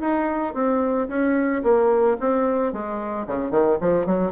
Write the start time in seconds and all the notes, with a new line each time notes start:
0.00 D#4
0.54 C4
1.09 C#4
1.63 A#3
2.20 C4
2.73 G#3
3.27 C#3
3.51 D#3
3.81 F3
4.06 F#3